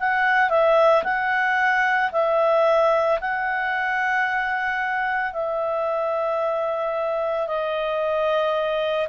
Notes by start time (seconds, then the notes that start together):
0.00 F#5
0.50 E5
1.04 F#5
2.12 E5
3.20 F#5
5.33 E5
7.48 D#5